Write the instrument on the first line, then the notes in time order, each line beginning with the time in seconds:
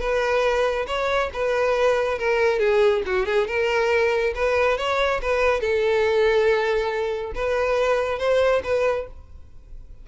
violin
0.00 B4
0.87 C#5
1.33 B4
2.18 A#4
2.59 G#4
3.06 F#4
3.26 G#4
3.47 A#4
4.35 B4
4.78 C#5
5.22 B4
5.60 A4
7.35 B4
8.19 C5
8.64 B4